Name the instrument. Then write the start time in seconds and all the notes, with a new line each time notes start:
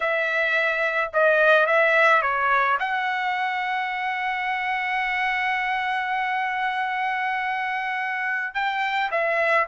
trumpet
0.00 E5
1.13 D#5
1.66 E5
2.21 C#5
2.79 F#5
8.54 G5
9.11 E5